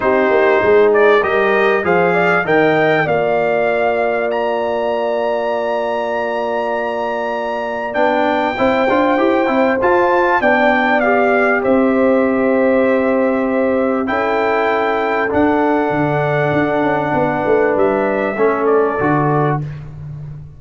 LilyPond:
<<
  \new Staff \with { instrumentName = "trumpet" } { \time 4/4 \tempo 4 = 98 c''4. d''8 dis''4 f''4 | g''4 f''2 ais''4~ | ais''1~ | ais''4 g''2. |
a''4 g''4 f''4 e''4~ | e''2. g''4~ | g''4 fis''2.~ | fis''4 e''4. d''4. | }
  \new Staff \with { instrumentName = "horn" } { \time 4/4 g'4 gis'4 ais'4 c''8 d''8 | dis''4 d''2.~ | d''1~ | d''2 c''2~ |
c''4 d''2 c''4~ | c''2. a'4~ | a'1 | b'2 a'2 | }
  \new Staff \with { instrumentName = "trombone" } { \time 4/4 dis'2 g'4 gis'4 | ais'4 f'2.~ | f'1~ | f'4 d'4 e'8 f'8 g'8 e'8 |
f'4 d'4 g'2~ | g'2. e'4~ | e'4 d'2.~ | d'2 cis'4 fis'4 | }
  \new Staff \with { instrumentName = "tuba" } { \time 4/4 c'8 ais8 gis4 g4 f4 | dis4 ais2.~ | ais1~ | ais4 b4 c'8 d'8 e'8 c'8 |
f'4 b2 c'4~ | c'2. cis'4~ | cis'4 d'4 d4 d'8 cis'8 | b8 a8 g4 a4 d4 | }
>>